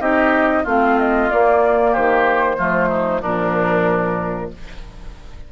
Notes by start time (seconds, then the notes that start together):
0.00 C4 D#4 G4 D#5
0.64 A3 C4 F4 F5
0.99 D#5
1.31 A#3 D5
1.92 D#3 G4 C5
2.58 F3 A3 F4
2.89 D#4
3.22 A#2 F3 D4 A#4